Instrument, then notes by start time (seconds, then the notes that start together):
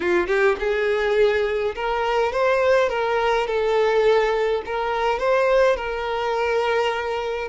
violin
0.00 F4
0.27 G4
0.59 G#4
1.75 A#4
2.32 C5
2.89 A#4
3.47 A4
4.65 A#4
5.19 C5
5.76 A#4